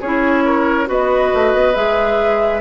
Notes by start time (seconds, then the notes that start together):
0.00 C#4 E4 G#4 C#5
0.45 A#4
0.86 B3 F#4 B4 D#5
1.33 A3
1.53 B3
1.74 G#3 G#4 E5